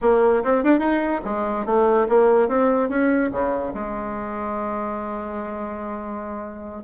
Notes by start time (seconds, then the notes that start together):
0.01 A#3
0.43 C4
0.63 D4
0.79 D#4
1.25 G#3
1.65 A3
2.08 A#3
2.48 C4
2.89 C#4
3.31 C#3
3.74 G#3